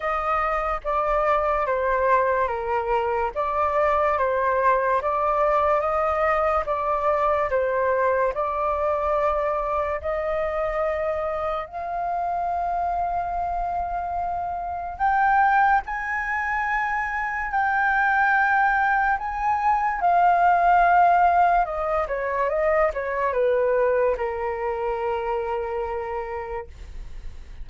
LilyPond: \new Staff \with { instrumentName = "flute" } { \time 4/4 \tempo 4 = 72 dis''4 d''4 c''4 ais'4 | d''4 c''4 d''4 dis''4 | d''4 c''4 d''2 | dis''2 f''2~ |
f''2 g''4 gis''4~ | gis''4 g''2 gis''4 | f''2 dis''8 cis''8 dis''8 cis''8 | b'4 ais'2. | }